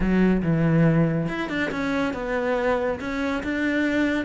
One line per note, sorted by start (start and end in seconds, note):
0.00 0.41 F#3
0.42 1.28 E3
1.28 1.49 E4
1.49 1.70 D4
1.71 2.13 C#4
2.13 2.99 B3
3.00 3.43 C#4
3.43 4.25 D4